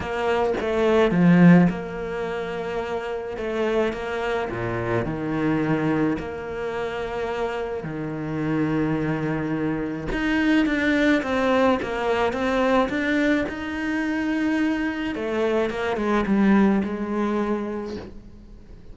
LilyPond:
\new Staff \with { instrumentName = "cello" } { \time 4/4 \tempo 4 = 107 ais4 a4 f4 ais4~ | ais2 a4 ais4 | ais,4 dis2 ais4~ | ais2 dis2~ |
dis2 dis'4 d'4 | c'4 ais4 c'4 d'4 | dis'2. a4 | ais8 gis8 g4 gis2 | }